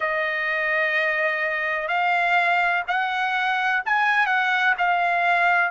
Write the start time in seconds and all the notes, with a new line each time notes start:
0.00 D#5
1.87 F5
2.87 F#5
3.85 G#5
4.26 F#5
4.77 F5